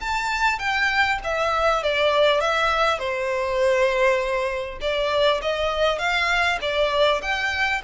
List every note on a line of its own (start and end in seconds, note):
0.00 0.59 A5
0.59 1.19 G5
1.24 1.83 E5
1.83 2.41 D5
2.41 2.99 E5
2.99 4.79 C5
4.81 5.41 D5
5.42 5.99 D#5
5.99 6.59 F5
6.61 7.21 D5
7.22 7.82 G5